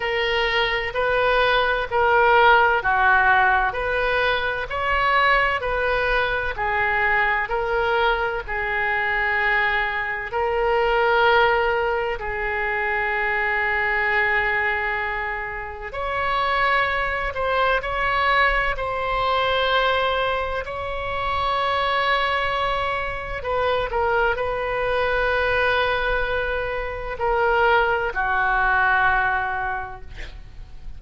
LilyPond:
\new Staff \with { instrumentName = "oboe" } { \time 4/4 \tempo 4 = 64 ais'4 b'4 ais'4 fis'4 | b'4 cis''4 b'4 gis'4 | ais'4 gis'2 ais'4~ | ais'4 gis'2.~ |
gis'4 cis''4. c''8 cis''4 | c''2 cis''2~ | cis''4 b'8 ais'8 b'2~ | b'4 ais'4 fis'2 | }